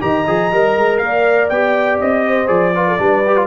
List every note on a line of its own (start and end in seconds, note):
0.00 0.27 D#3
0.00 0.25 G4
0.00 1.00 D#5
0.00 0.98 A#5
0.27 0.51 F3
0.27 0.51 G#4
0.51 0.76 G3
0.51 1.51 A#4
0.76 0.99 G#3
0.98 1.49 A#3
0.98 1.47 F5
1.04 2.27 D5
1.49 2.00 B3
1.49 2.46 G4
1.49 1.98 G5
2.00 2.49 C4
2.00 2.48 D#5
2.27 2.75 C5
2.46 2.98 F3
2.46 2.71 G#4
2.46 3.47 D5
2.75 2.98 F4
2.75 2.87 B4
2.87 3.00 A4
2.98 3.47 G3
2.98 3.23 D4
2.98 3.47 B4
3.26 3.36 G4
3.36 3.47 F4